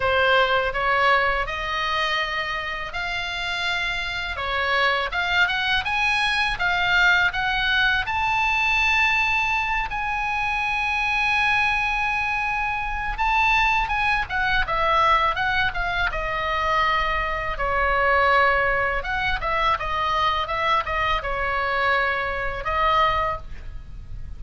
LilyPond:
\new Staff \with { instrumentName = "oboe" } { \time 4/4 \tempo 4 = 82 c''4 cis''4 dis''2 | f''2 cis''4 f''8 fis''8 | gis''4 f''4 fis''4 a''4~ | a''4. gis''2~ gis''8~ |
gis''2 a''4 gis''8 fis''8 | e''4 fis''8 f''8 dis''2 | cis''2 fis''8 e''8 dis''4 | e''8 dis''8 cis''2 dis''4 | }